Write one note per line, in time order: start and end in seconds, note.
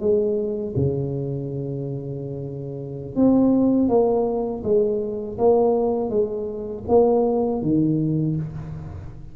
0.00 0.74 G#3
0.76 3.15 C#3
3.15 3.88 C4
3.88 4.62 A#3
4.64 5.38 G#3
5.38 6.09 A#3
6.09 6.84 G#3
6.88 7.62 A#3
7.62 8.36 D#3